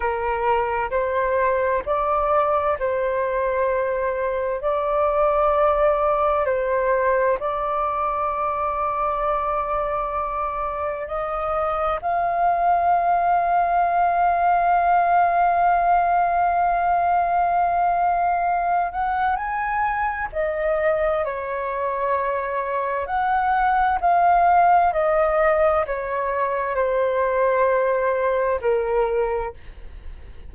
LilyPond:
\new Staff \with { instrumentName = "flute" } { \time 4/4 \tempo 4 = 65 ais'4 c''4 d''4 c''4~ | c''4 d''2 c''4 | d''1 | dis''4 f''2.~ |
f''1~ | f''8 fis''8 gis''4 dis''4 cis''4~ | cis''4 fis''4 f''4 dis''4 | cis''4 c''2 ais'4 | }